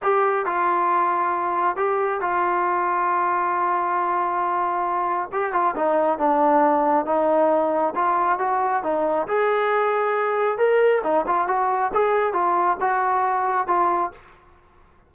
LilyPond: \new Staff \with { instrumentName = "trombone" } { \time 4/4 \tempo 4 = 136 g'4 f'2. | g'4 f'2.~ | f'1 | g'8 f'8 dis'4 d'2 |
dis'2 f'4 fis'4 | dis'4 gis'2. | ais'4 dis'8 f'8 fis'4 gis'4 | f'4 fis'2 f'4 | }